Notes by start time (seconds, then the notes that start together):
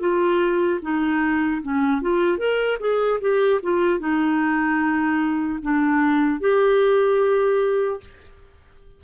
0.00 F4
0.82 D#4
1.63 C#4
2.01 F4
2.38 A#4
2.80 G#4
3.21 G4
3.63 F4
4.00 D#4
5.63 D4
6.40 G4